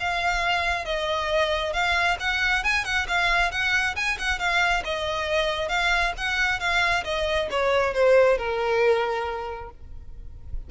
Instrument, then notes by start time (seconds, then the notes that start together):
violin
0.00 F5
0.85 D#5
1.73 F5
2.20 F#5
2.64 G#5
2.85 F#5
3.08 F5
3.52 F#5
3.96 G#5
4.19 F#5
4.39 F5
4.85 D#5
5.69 F5
6.18 F#5
6.60 F5
7.05 D#5
7.51 C#5
7.94 C5
8.38 A#4